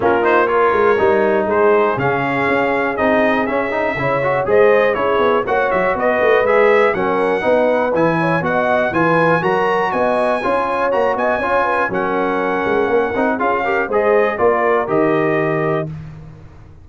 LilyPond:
<<
  \new Staff \with { instrumentName = "trumpet" } { \time 4/4 \tempo 4 = 121 ais'8 c''8 cis''2 c''4 | f''2 dis''4 e''4~ | e''4 dis''4 cis''4 fis''8 e''8 | dis''4 e''4 fis''2 |
gis''4 fis''4 gis''4 ais''4 | gis''2 ais''8 gis''4. | fis''2. f''4 | dis''4 d''4 dis''2 | }
  \new Staff \with { instrumentName = "horn" } { \time 4/4 f'4 ais'2 gis'4~ | gis'1 | cis''4 c''4 gis'4 cis''4 | b'2 ais'4 b'4~ |
b'8 cis''8 dis''4 b'4 ais'4 | dis''4 cis''4. dis''8 cis''8 b'8 | ais'2. gis'8 ais'8 | c''4 ais'2. | }
  \new Staff \with { instrumentName = "trombone" } { \time 4/4 cis'8 dis'8 f'4 dis'2 | cis'2 dis'4 cis'8 dis'8 | e'8 fis'8 gis'4 e'4 fis'4~ | fis'4 gis'4 cis'4 dis'4 |
e'4 fis'4 f'4 fis'4~ | fis'4 f'4 fis'4 f'4 | cis'2~ cis'8 dis'8 f'8 g'8 | gis'4 f'4 g'2 | }
  \new Staff \with { instrumentName = "tuba" } { \time 4/4 ais4. gis8 g4 gis4 | cis4 cis'4 c'4 cis'4 | cis4 gis4 cis'8 b8 ais8 fis8 | b8 a8 gis4 fis4 b4 |
e4 b4 e4 fis4 | b4 cis'4 ais8 b8 cis'4 | fis4. gis8 ais8 c'8 cis'4 | gis4 ais4 dis2 | }
>>